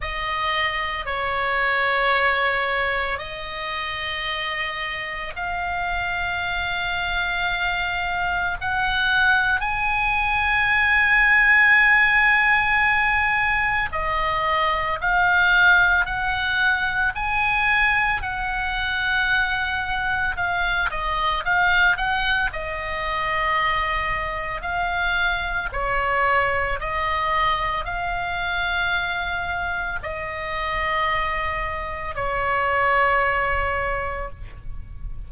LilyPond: \new Staff \with { instrumentName = "oboe" } { \time 4/4 \tempo 4 = 56 dis''4 cis''2 dis''4~ | dis''4 f''2. | fis''4 gis''2.~ | gis''4 dis''4 f''4 fis''4 |
gis''4 fis''2 f''8 dis''8 | f''8 fis''8 dis''2 f''4 | cis''4 dis''4 f''2 | dis''2 cis''2 | }